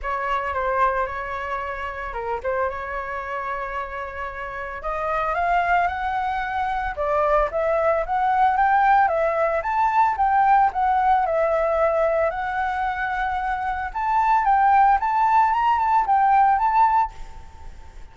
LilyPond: \new Staff \with { instrumentName = "flute" } { \time 4/4 \tempo 4 = 112 cis''4 c''4 cis''2 | ais'8 c''8 cis''2.~ | cis''4 dis''4 f''4 fis''4~ | fis''4 d''4 e''4 fis''4 |
g''4 e''4 a''4 g''4 | fis''4 e''2 fis''4~ | fis''2 a''4 g''4 | a''4 ais''8 a''8 g''4 a''4 | }